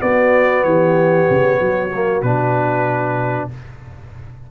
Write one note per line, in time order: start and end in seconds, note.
0.00 1.89 B3
0.00 0.65 B3
0.00 0.66 F#4
0.00 0.64 D5
0.64 1.28 E3
0.64 1.60 G4
0.64 2.22 C#5
1.30 1.61 C#3
1.60 2.22 F#3
1.60 3.49 F#4
1.94 2.24 A#3
2.22 3.48 B2
2.22 3.51 D4
2.22 3.48 B4